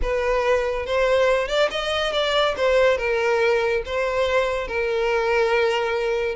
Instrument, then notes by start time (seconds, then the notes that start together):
violin
0.02 B4
0.85 C5
1.48 D5
1.70 D#5
2.12 D5
2.56 C5
2.97 A#4
3.85 C5
4.67 A#4